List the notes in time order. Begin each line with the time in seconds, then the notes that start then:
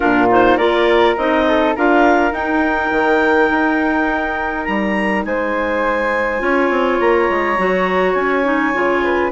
0.00 A#2 D4 F4 A#4
0.29 D#4 C5
0.57 A#3 F4 A#4 D5
1.17 C4 D#4 D#5
1.47 A4
1.75 D4 F4 A#4 F5
2.31 D#4 G5
2.91 D#3
3.50 D#4
4.65 G3 A#5
5.24 G#3 C5 G#5
6.39 C#4 F4 C#5
6.70 C4
7.00 A#3 A#5
7.29 G#3
7.58 F#3 F#4
8.14 C#4 G#5
8.44 D#4
8.73 C#3 F4
9.03 B4